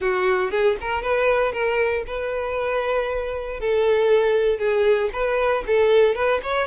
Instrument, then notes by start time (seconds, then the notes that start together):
violin
0.00 F#4
0.50 G#4
0.80 A#4
1.02 B4
1.52 A#4
2.07 B4
3.60 A4
4.59 G#4
5.12 B4
5.66 A4
6.15 B4
6.42 C#5